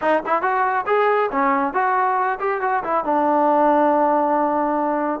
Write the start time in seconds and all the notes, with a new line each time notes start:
0.01 D#4
0.26 E4
0.42 F#4
0.86 G#4
1.31 C#4
1.73 F#4
2.39 G4
2.61 F#4
2.83 E4
3.04 D4